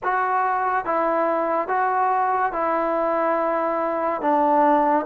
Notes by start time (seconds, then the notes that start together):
0.03 F#4
0.85 E4
1.68 F#4
2.52 E4
4.21 D4